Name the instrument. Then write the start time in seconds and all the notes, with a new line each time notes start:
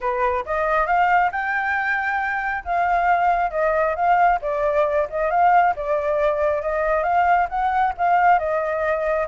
flute
0.00 B4
0.45 D#5
0.86 F5
1.31 G5
2.64 F5
3.51 D#5
3.95 F5
4.41 D5
5.10 D#5
5.30 F5
5.76 D5
6.62 D#5
7.03 F5
7.49 F#5
7.97 F5
8.38 D#5